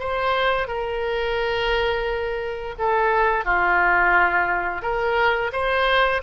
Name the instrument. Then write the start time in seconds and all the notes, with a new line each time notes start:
oboe
0.00 C5
0.68 A#4
2.79 A4
3.45 F4
4.83 A#4
5.53 C5